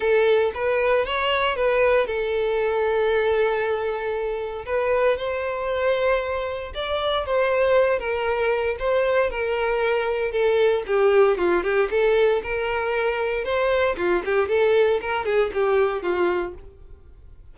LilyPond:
\new Staff \with { instrumentName = "violin" } { \time 4/4 \tempo 4 = 116 a'4 b'4 cis''4 b'4 | a'1~ | a'4 b'4 c''2~ | c''4 d''4 c''4. ais'8~ |
ais'4 c''4 ais'2 | a'4 g'4 f'8 g'8 a'4 | ais'2 c''4 f'8 g'8 | a'4 ais'8 gis'8 g'4 f'4 | }